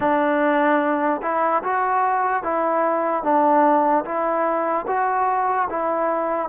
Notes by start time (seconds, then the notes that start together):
0.00 D4
1.22 E4
1.63 F#4
2.43 E4
3.23 D4
4.04 E4
4.87 F#4
5.69 E4